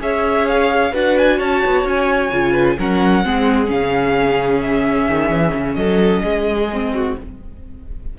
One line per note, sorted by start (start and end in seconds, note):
0.00 0.93 C#4
0.00 0.92 G#4
0.00 0.92 C#5
0.00 0.48 E5
0.48 0.94 F5
0.92 1.40 D4
0.92 2.31 F#4
0.92 1.37 B4
0.92 1.18 F#5
1.18 1.40 G#5
1.37 1.63 C#4
1.37 2.52 C#5
1.37 1.86 A5
1.65 1.84 B3
1.84 2.30 C#4
1.84 2.80 G#5
2.31 2.77 C#3
2.31 2.77 F4
2.52 2.75 B4
2.79 3.25 F#3
2.79 3.25 C#4
2.79 3.25 A#4
2.79 3.70 F#5
3.25 3.71 G#3
3.25 3.67 C4
3.25 5.77 G#4
3.67 5.08 C#3
3.67 6.67 C#4
3.67 4.61 F5
4.61 5.75 E5
5.08 5.30 D#3
5.30 5.53 E3
5.54 5.76 C#3
5.75 6.22 F#3
5.75 6.23 A4
5.75 7.14 D#5
6.23 7.16 G#3
6.23 6.93 G#4
6.73 7.19 C4
6.95 7.18 F#4